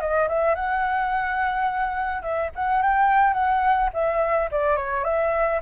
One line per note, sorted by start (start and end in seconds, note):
0.00 0.28 D#5
0.28 0.55 E5
0.55 2.22 F#5
2.22 2.50 E5
2.55 2.82 F#5
2.82 3.33 G5
3.33 3.89 F#5
3.93 4.49 E5
4.51 4.76 D5
4.76 5.04 C#5
5.04 5.60 E5